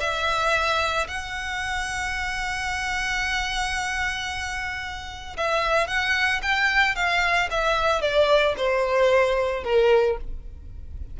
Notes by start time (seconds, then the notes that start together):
0.00 E5
1.08 F#5
5.37 E5
5.87 F#5
6.42 G5
6.95 F5
7.50 E5
8.01 D5
8.57 C5
9.64 A#4